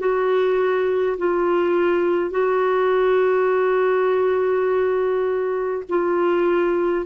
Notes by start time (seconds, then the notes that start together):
0.00 F#4
1.18 F4
2.31 F#4
5.89 F4